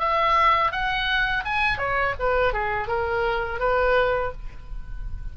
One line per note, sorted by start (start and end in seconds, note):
0.00 0.72 E5
0.72 1.44 F#5
1.45 1.78 G#5
1.78 2.14 C#5
2.19 2.53 B4
2.53 2.88 G#4
2.88 3.60 A#4
3.60 4.32 B4